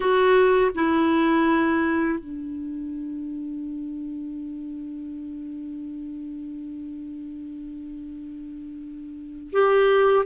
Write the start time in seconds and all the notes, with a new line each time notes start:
0.00 F#4
0.75 E4
2.19 D4
9.52 G4